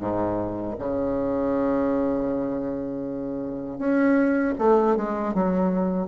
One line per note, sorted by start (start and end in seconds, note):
0.00 0.76 G#2
0.79 3.78 C#3
3.78 4.54 C#4
4.58 4.96 A3
4.96 5.34 G#3
5.34 6.08 F#3